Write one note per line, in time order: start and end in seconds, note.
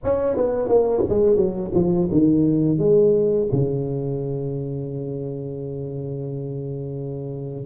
0.03 0.36 C#4
0.36 0.68 B3
0.68 1.03 A#3
1.09 1.36 G#3
1.36 1.71 F#3
1.74 2.09 F3
2.11 2.78 D#3
2.78 3.48 G#3
3.52 7.66 C#3